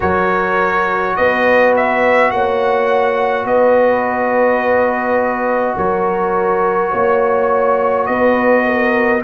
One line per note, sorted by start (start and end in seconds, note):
0.00 1.17 F#3
0.00 9.21 F#4
0.00 1.15 A#4
0.00 1.16 C#5
1.16 2.31 B3
1.16 2.32 B4
1.16 1.73 D#5
1.76 2.30 E5
2.30 3.44 A#3
2.30 3.47 C#5
2.30 3.46 F#5
3.44 5.75 B3
3.44 5.76 B4
3.44 5.77 D#5
5.76 6.92 F#3
5.76 6.91 A#4
5.76 8.06 C#5
6.91 8.08 A#3
6.91 8.06 C#5
8.06 9.23 B3
8.06 8.64 B4
8.06 9.21 D#5
8.65 9.23 A#4